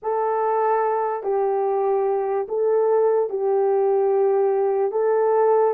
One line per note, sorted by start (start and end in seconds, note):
0.02 1.23 A4
1.23 2.46 G4
2.48 3.29 A4
3.29 4.91 G4
4.91 5.73 A4